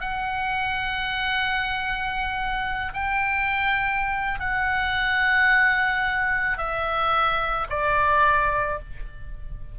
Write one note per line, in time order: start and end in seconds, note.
0.00 2.93 F#5
2.93 4.39 G5
4.39 6.58 F#5
6.58 7.67 E5
7.70 8.79 D5